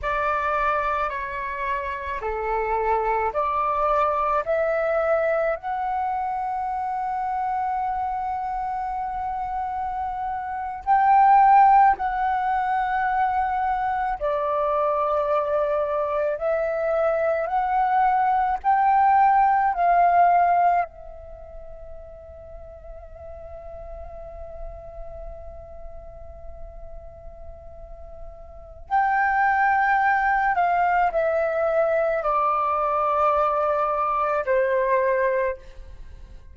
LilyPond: \new Staff \with { instrumentName = "flute" } { \time 4/4 \tempo 4 = 54 d''4 cis''4 a'4 d''4 | e''4 fis''2.~ | fis''4.~ fis''16 g''4 fis''4~ fis''16~ | fis''8. d''2 e''4 fis''16~ |
fis''8. g''4 f''4 e''4~ e''16~ | e''1~ | e''2 g''4. f''8 | e''4 d''2 c''4 | }